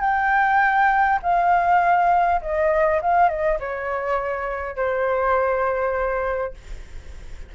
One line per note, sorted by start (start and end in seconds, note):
0.00 1.19 G5
1.22 2.41 F5
2.41 3.01 D#5
3.01 3.29 F5
3.29 3.58 D#5
3.59 4.76 C#5
4.76 6.54 C5